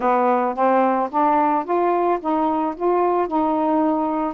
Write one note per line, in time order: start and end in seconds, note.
0.00 0.54 B3
0.54 1.09 C4
1.11 1.64 D4
1.64 2.18 F4
2.20 2.74 D#4
2.75 3.27 F4
3.27 4.33 D#4